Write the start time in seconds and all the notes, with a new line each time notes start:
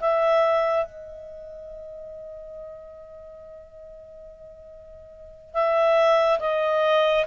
0.00 E5
0.86 D#5
5.54 E5
6.40 D#5